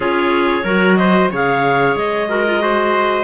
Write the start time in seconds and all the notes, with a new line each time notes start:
0.00 C#4 F4 G#4 C#5
0.64 F#3 F#4 A#4
0.96 C5 D#5
1.30 C#3 G#4 C#5 F5
1.95 G#3 D#5
2.29 F#4 A#4
2.46 F4
2.60 F#4 C5